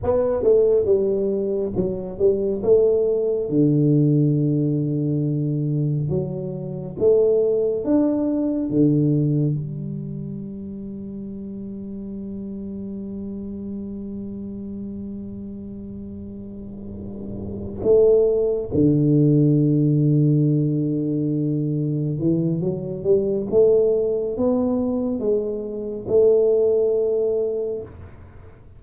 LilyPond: \new Staff \with { instrumentName = "tuba" } { \time 4/4 \tempo 4 = 69 b8 a8 g4 fis8 g8 a4 | d2. fis4 | a4 d'4 d4 g4~ | g1~ |
g1~ | g8 a4 d2~ d8~ | d4. e8 fis8 g8 a4 | b4 gis4 a2 | }